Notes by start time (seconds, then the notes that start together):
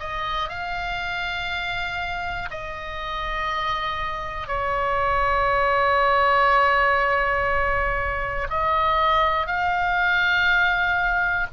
0.00 D#5
0.50 F5
2.51 D#5
4.48 C#5
8.50 D#5
9.47 F5